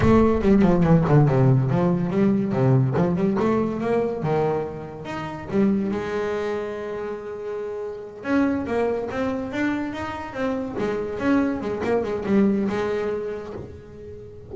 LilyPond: \new Staff \with { instrumentName = "double bass" } { \time 4/4 \tempo 4 = 142 a4 g8 f8 e8 d8 c4 | f4 g4 c4 f8 g8 | a4 ais4 dis2 | dis'4 g4 gis2~ |
gis2.~ gis8 cis'8~ | cis'8 ais4 c'4 d'4 dis'8~ | dis'8 c'4 gis4 cis'4 gis8 | ais8 gis8 g4 gis2 | }